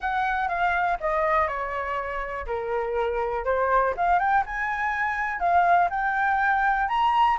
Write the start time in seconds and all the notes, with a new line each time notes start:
0.00 F#5
0.48 F5
1.00 D#5
1.47 C#5
2.46 A#4
3.44 C5
3.97 F5
4.19 G5
4.46 G#5
5.39 F5
5.89 G5
6.88 A#5